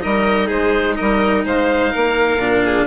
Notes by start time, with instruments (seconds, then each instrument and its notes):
0.00 bassoon G3, cello D#4, violin A#4, oboe D#5
0.47 bassoon G#3, violin G#4, oboe C5
0.96 bassoon G3, violin A#4, oboe D#5
1.45 bassoon G#3, violin C5, oboe F5
1.92 bassoon A#3, violin A#4
2.37 bassoon A#2, cello D4
2.65 violin G#4